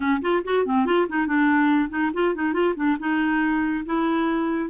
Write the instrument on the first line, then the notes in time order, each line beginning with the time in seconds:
clarinet
0.00 C#4
0.21 F4
0.44 F#4
0.65 C4
0.85 F4
1.09 D#4
1.26 D4
1.89 D#4
2.13 F4
2.34 D#4
2.53 F4
2.75 D4
2.99 D#4
3.85 E4